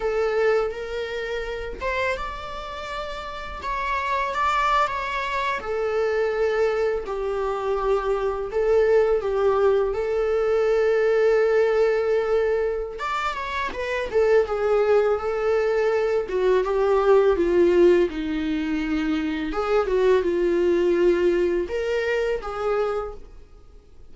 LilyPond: \new Staff \with { instrumentName = "viola" } { \time 4/4 \tempo 4 = 83 a'4 ais'4. c''8 d''4~ | d''4 cis''4 d''8. cis''4 a'16~ | a'4.~ a'16 g'2 a'16~ | a'8. g'4 a'2~ a'16~ |
a'2 d''8 cis''8 b'8 a'8 | gis'4 a'4. fis'8 g'4 | f'4 dis'2 gis'8 fis'8 | f'2 ais'4 gis'4 | }